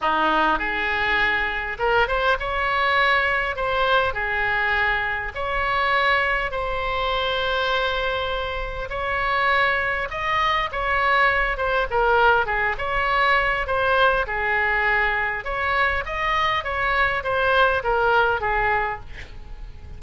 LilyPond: \new Staff \with { instrumentName = "oboe" } { \time 4/4 \tempo 4 = 101 dis'4 gis'2 ais'8 c''8 | cis''2 c''4 gis'4~ | gis'4 cis''2 c''4~ | c''2. cis''4~ |
cis''4 dis''4 cis''4. c''8 | ais'4 gis'8 cis''4. c''4 | gis'2 cis''4 dis''4 | cis''4 c''4 ais'4 gis'4 | }